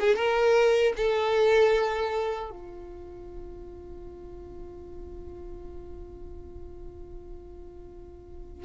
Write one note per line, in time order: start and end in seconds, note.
0.00 0.16 G#4
0.16 0.93 A#4
0.97 2.51 A4
2.51 8.65 F4